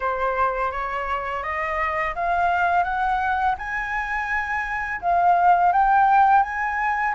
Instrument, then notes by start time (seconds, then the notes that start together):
flute
0.00 C5
0.71 C#5
1.43 D#5
2.15 F5
2.83 F#5
3.57 G#5
5.01 F5
5.72 G5
6.43 G#5